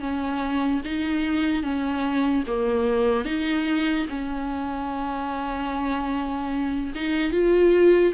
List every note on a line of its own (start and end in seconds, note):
0.00 0.81 C#4
0.84 1.63 D#4
1.63 2.44 C#4
2.47 3.25 A#3
3.25 4.06 D#4
4.09 6.93 C#4
6.95 7.32 D#4
7.32 8.13 F4